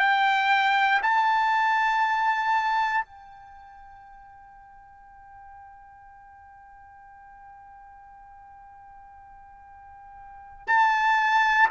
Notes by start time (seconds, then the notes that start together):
0.00 G5
1.03 A5
3.06 G5
10.68 A5